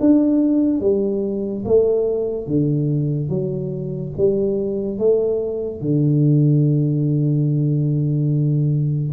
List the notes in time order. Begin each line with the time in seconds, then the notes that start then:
0.00 D4
0.81 G3
1.66 A3
2.47 D3
3.29 F#3
4.17 G3
4.99 A3
5.81 D3